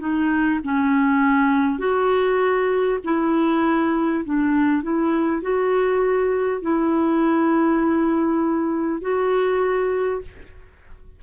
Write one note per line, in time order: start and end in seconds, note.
0.00 0.60 D#4
0.64 1.79 C#4
1.79 2.99 F#4
3.04 4.24 E4
4.25 4.83 D4
4.83 5.42 E4
5.42 6.62 F#4
6.62 9.02 E4
9.02 10.22 F#4